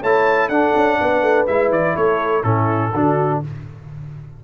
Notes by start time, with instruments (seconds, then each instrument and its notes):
0.00 tuba A3, trombone E4, horn C#5, trumpet A5
0.49 tuba D4, trombone D4, horn A4, trumpet F#5
0.76 tuba C#4
1.01 tuba B3, horn B4
1.22 tuba A3
1.47 tuba G#3, trombone E4, trumpet E5
1.70 tuba E3, trumpet D5
1.96 tuba A3, horn A4, trumpet C#5
2.43 tuba A2, trombone C#4, horn E4, trumpet A4
2.94 tuba D3, trombone D4, horn F#4